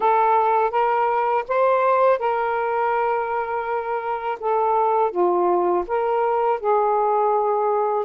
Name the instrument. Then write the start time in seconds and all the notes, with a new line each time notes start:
saxophone
0.00 A4
0.71 A#4
1.47 C5
2.19 A#4
4.40 A4
5.11 F4
5.87 A#4
6.60 G#4